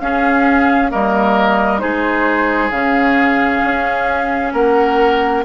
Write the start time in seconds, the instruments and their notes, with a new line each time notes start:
0.00 bassoon C#4, clarinet C#4, oboe G#4, flute F5
0.91 bassoon G3, clarinet A#3, oboe A#4, flute D#5
1.79 bassoon G#3, clarinet D#4, oboe G#4, flute C5
2.71 bassoon C#3, clarinet C#4, flute F5
3.65 bassoon C#4
4.54 bassoon A#3, oboe A#4, flute F#5